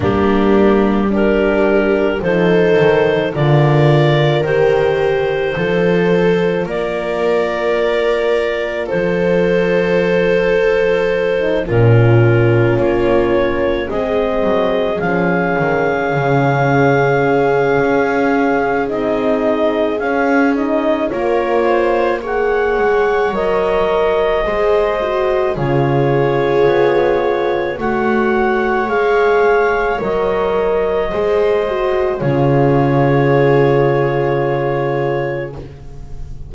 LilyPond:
<<
  \new Staff \with { instrumentName = "clarinet" } { \time 4/4 \tempo 4 = 54 g'4 ais'4 c''4 d''4 | c''2 d''2 | c''2~ c''8 ais'4 cis''8~ | cis''8 dis''4 f''2~ f''8~ |
f''4 dis''4 f''8 dis''8 cis''4 | fis''4 dis''2 cis''4~ | cis''4 fis''4 f''4 dis''4~ | dis''4 cis''2. | }
  \new Staff \with { instrumentName = "viola" } { \time 4/4 d'4 g'4 a'4 ais'4~ | ais'4 a'4 ais'2 | a'2~ a'8 f'4.~ | f'8 gis'2.~ gis'8~ |
gis'2. ais'8 c''8 | cis''2 c''4 gis'4~ | gis'4 cis''2. | c''4 gis'2. | }
  \new Staff \with { instrumentName = "horn" } { \time 4/4 ais4 d'4 dis'4 f'4 | g'4 f'2.~ | f'2~ f'16 dis'16 cis'4.~ | cis'8 c'4 cis'2~ cis'8~ |
cis'4 dis'4 cis'8 dis'8 f'4 | gis'4 ais'4 gis'8 fis'8 f'4~ | f'4 fis'4 gis'4 ais'4 | gis'8 fis'8 f'2. | }
  \new Staff \with { instrumentName = "double bass" } { \time 4/4 g2 f8 dis8 d4 | dis4 f4 ais2 | f2~ f8 ais,4 ais8~ | ais8 gis8 fis8 f8 dis8 cis4. |
cis'4 c'4 cis'4 ais4~ | ais8 gis8 fis4 gis4 cis4 | b4 a4 gis4 fis4 | gis4 cis2. | }
>>